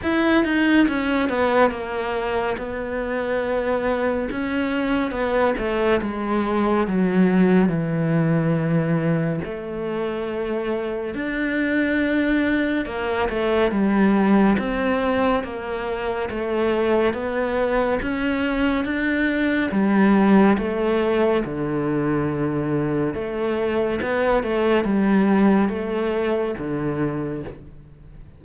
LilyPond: \new Staff \with { instrumentName = "cello" } { \time 4/4 \tempo 4 = 70 e'8 dis'8 cis'8 b8 ais4 b4~ | b4 cis'4 b8 a8 gis4 | fis4 e2 a4~ | a4 d'2 ais8 a8 |
g4 c'4 ais4 a4 | b4 cis'4 d'4 g4 | a4 d2 a4 | b8 a8 g4 a4 d4 | }